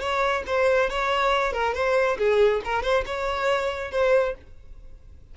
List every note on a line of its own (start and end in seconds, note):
0.00 0.43 C#5
0.46 0.89 C5
0.90 1.53 C#5
1.53 1.74 A#4
1.74 2.17 C5
2.18 2.61 G#4
2.64 2.83 A#4
2.83 3.04 C5
3.06 3.91 C#5
3.91 4.35 C5